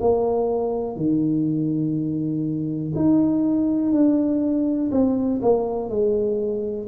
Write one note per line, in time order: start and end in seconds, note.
0.00 0.96 A#3
0.96 2.92 D#3
2.95 3.92 D#4
3.92 4.90 D4
4.91 5.40 C4
5.42 5.89 A#3
5.89 6.88 G#3